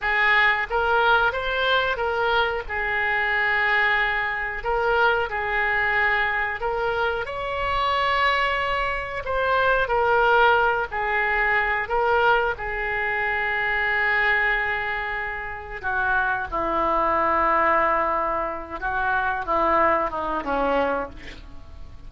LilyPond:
\new Staff \with { instrumentName = "oboe" } { \time 4/4 \tempo 4 = 91 gis'4 ais'4 c''4 ais'4 | gis'2. ais'4 | gis'2 ais'4 cis''4~ | cis''2 c''4 ais'4~ |
ais'8 gis'4. ais'4 gis'4~ | gis'1 | fis'4 e'2.~ | e'8 fis'4 e'4 dis'8 cis'4 | }